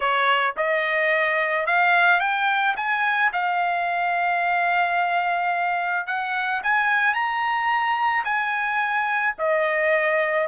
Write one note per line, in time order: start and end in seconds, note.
0.00 0.55 C#5
0.57 1.66 D#5
1.66 2.20 F5
2.20 2.75 G5
2.76 3.31 G#5
3.33 6.06 F5
6.06 6.61 F#5
6.63 7.14 G#5
7.14 8.24 A#5
8.24 9.34 G#5
9.38 10.47 D#5